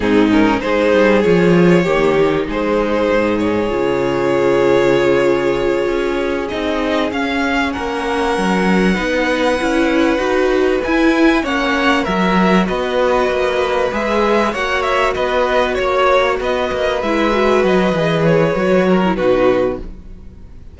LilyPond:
<<
  \new Staff \with { instrumentName = "violin" } { \time 4/4 \tempo 4 = 97 gis'8 ais'8 c''4 cis''2 | c''4. cis''2~ cis''8~ | cis''2~ cis''8 dis''4 f''8~ | f''8 fis''2.~ fis''8~ |
fis''4. gis''4 fis''4 e''8~ | e''8 dis''2 e''4 fis''8 | e''8 dis''4 cis''4 dis''4 e''8~ | e''8 dis''4 cis''4. b'4 | }
  \new Staff \with { instrumentName = "violin" } { \time 4/4 dis'4 gis'2 g'4 | gis'1~ | gis'1~ | gis'8 ais'2 b'4.~ |
b'2~ b'8 cis''4 ais'8~ | ais'8 b'2. cis''8~ | cis''8 b'4 cis''4 b'4.~ | b'2~ b'8 ais'8 fis'4 | }
  \new Staff \with { instrumentName = "viola" } { \time 4/4 c'8 cis'8 dis'4 f'4 ais8 dis'8~ | dis'2 f'2~ | f'2~ f'8 dis'4 cis'8~ | cis'2~ cis'8 dis'4 e'8~ |
e'8 fis'4 e'4 cis'4 fis'8~ | fis'2~ fis'8 gis'4 fis'8~ | fis'2.~ fis'8 e'8 | fis'4 gis'4 fis'8. e'16 dis'4 | }
  \new Staff \with { instrumentName = "cello" } { \time 4/4 gis,4 gis8 g8 f4 dis4 | gis4 gis,4 cis2~ | cis4. cis'4 c'4 cis'8~ | cis'8 ais4 fis4 b4 cis'8~ |
cis'8 dis'4 e'4 ais4 fis8~ | fis8 b4 ais4 gis4 ais8~ | ais8 b4 ais4 b8 ais8 gis8~ | gis8 fis8 e4 fis4 b,4 | }
>>